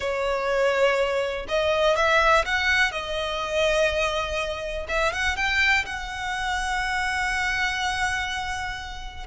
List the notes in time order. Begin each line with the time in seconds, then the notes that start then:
0.00 C#5
1.48 D#5
1.96 E5
2.45 F#5
2.91 D#5
4.88 E5
5.13 F#5
5.36 G5
5.85 F#5